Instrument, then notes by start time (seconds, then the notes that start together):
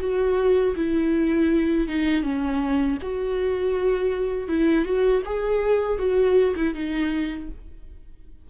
viola
0.00 F#4
0.76 E4
1.88 D#4
2.23 C#4
3.02 F#4
4.48 E4
4.85 F#4
5.26 G#4
5.99 F#4
6.56 E4
6.75 D#4